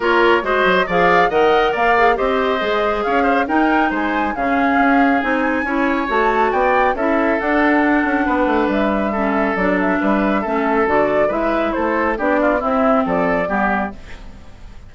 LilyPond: <<
  \new Staff \with { instrumentName = "flute" } { \time 4/4 \tempo 4 = 138 cis''4 dis''4 f''4 fis''4 | f''4 dis''2 f''4 | g''4 gis''4 f''2 | gis''2 a''4 g''4 |
e''4 fis''2. | e''2 d''8 e''4.~ | e''4 d''4 e''4 c''4 | d''4 e''4 d''2 | }
  \new Staff \with { instrumentName = "oboe" } { \time 4/4 ais'4 c''4 d''4 dis''4 | d''4 c''2 cis''8 c''8 | ais'4 c''4 gis'2~ | gis'4 cis''2 d''4 |
a'2. b'4~ | b'4 a'2 b'4 | a'2 b'4 a'4 | g'8 f'8 e'4 a'4 g'4 | }
  \new Staff \with { instrumentName = "clarinet" } { \time 4/4 f'4 fis'4 gis'4 ais'4~ | ais'8 gis'8 g'4 gis'2 | dis'2 cis'2 | dis'4 e'4 fis'2 |
e'4 d'2.~ | d'4 cis'4 d'2 | cis'4 fis'4 e'2 | d'4 c'2 b4 | }
  \new Staff \with { instrumentName = "bassoon" } { \time 4/4 ais4 gis8 fis8 f4 dis4 | ais4 c'4 gis4 cis'4 | dis'4 gis4 cis4 cis'4 | c'4 cis'4 a4 b4 |
cis'4 d'4. cis'8 b8 a8 | g2 fis4 g4 | a4 d4 gis4 a4 | b4 c'4 f4 g4 | }
>>